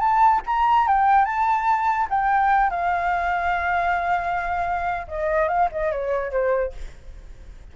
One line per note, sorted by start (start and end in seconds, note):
0.00 0.41 A5
0.46 0.87 A#5
0.87 1.25 G5
1.25 2.07 A5
2.10 2.70 G5
2.70 5.06 F5
5.08 5.48 D#5
5.48 5.69 F5
5.72 5.92 D#5
5.92 6.32 C#5
6.32 6.73 C5